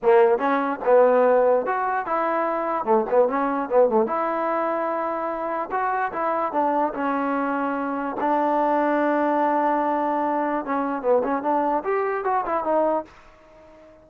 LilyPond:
\new Staff \with { instrumentName = "trombone" } { \time 4/4 \tempo 4 = 147 ais4 cis'4 b2 | fis'4 e'2 a8 b8 | cis'4 b8 a8 e'2~ | e'2 fis'4 e'4 |
d'4 cis'2. | d'1~ | d'2 cis'4 b8 cis'8 | d'4 g'4 fis'8 e'8 dis'4 | }